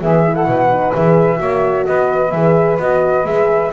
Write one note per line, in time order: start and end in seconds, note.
0.00 0.46 E3
0.00 0.23 B3
0.00 0.35 G#4
0.00 0.35 E5
0.23 0.70 E4
0.35 0.47 A4
0.35 0.93 F#5
0.46 0.93 B2
0.46 1.40 B4
0.71 0.94 D#4
0.94 1.41 E3
0.94 1.36 G#4
0.94 1.86 E5
1.36 1.87 A#3
1.36 2.29 F#4
1.36 1.86 C#5
1.86 2.32 B3
1.86 3.73 B4
1.86 2.31 D#5
2.31 2.78 E3
2.31 2.80 G#4
2.31 2.78 E5
2.79 3.25 B3
2.79 3.25 F#4
2.79 3.26 D#5
3.25 3.72 G#3
3.25 3.71 G#4
3.25 3.73 E5